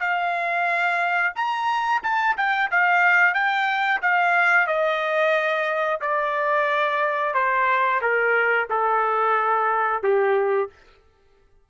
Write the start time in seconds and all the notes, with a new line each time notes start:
0.00 F5
1.36 A#5
2.03 A5
2.38 G5
2.71 F5
3.34 G5
4.02 F5
4.67 D#5
6.01 D5
7.34 C5
8.02 A#4
8.70 A4
10.03 G4